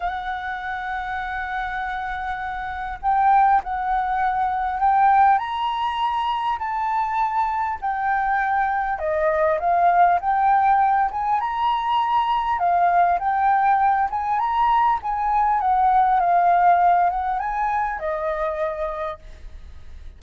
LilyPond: \new Staff \with { instrumentName = "flute" } { \time 4/4 \tempo 4 = 100 fis''1~ | fis''4 g''4 fis''2 | g''4 ais''2 a''4~ | a''4 g''2 dis''4 |
f''4 g''4. gis''8 ais''4~ | ais''4 f''4 g''4. gis''8 | ais''4 gis''4 fis''4 f''4~ | f''8 fis''8 gis''4 dis''2 | }